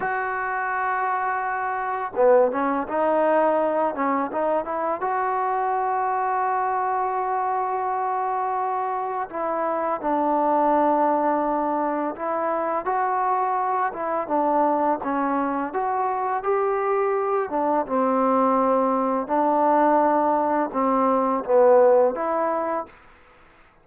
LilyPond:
\new Staff \with { instrumentName = "trombone" } { \time 4/4 \tempo 4 = 84 fis'2. b8 cis'8 | dis'4. cis'8 dis'8 e'8 fis'4~ | fis'1~ | fis'4 e'4 d'2~ |
d'4 e'4 fis'4. e'8 | d'4 cis'4 fis'4 g'4~ | g'8 d'8 c'2 d'4~ | d'4 c'4 b4 e'4 | }